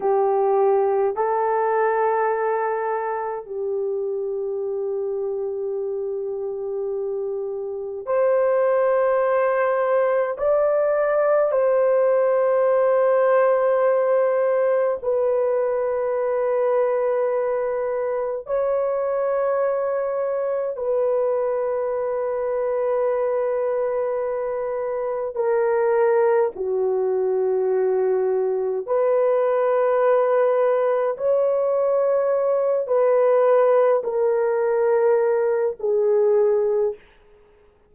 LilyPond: \new Staff \with { instrumentName = "horn" } { \time 4/4 \tempo 4 = 52 g'4 a'2 g'4~ | g'2. c''4~ | c''4 d''4 c''2~ | c''4 b'2. |
cis''2 b'2~ | b'2 ais'4 fis'4~ | fis'4 b'2 cis''4~ | cis''8 b'4 ais'4. gis'4 | }